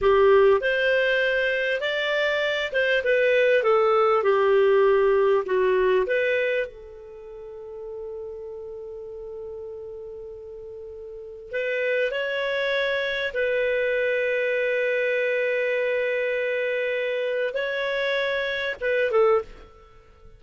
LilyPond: \new Staff \with { instrumentName = "clarinet" } { \time 4/4 \tempo 4 = 99 g'4 c''2 d''4~ | d''8 c''8 b'4 a'4 g'4~ | g'4 fis'4 b'4 a'4~ | a'1~ |
a'2. b'4 | cis''2 b'2~ | b'1~ | b'4 cis''2 b'8 a'8 | }